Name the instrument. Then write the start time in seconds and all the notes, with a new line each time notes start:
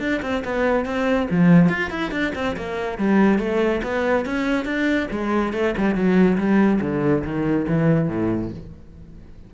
cello
0.00 D4
0.22 C4
0.45 B3
0.85 C4
1.31 F3
1.69 F4
1.90 E4
2.11 D4
2.35 C4
2.57 A#3
2.98 G3
3.39 A3
3.83 B3
4.25 C#4
4.65 D4
5.11 G#3
5.53 A3
5.77 G3
5.95 F#3
6.38 G3
6.81 D3
7.24 D#3
7.68 E3
8.09 A2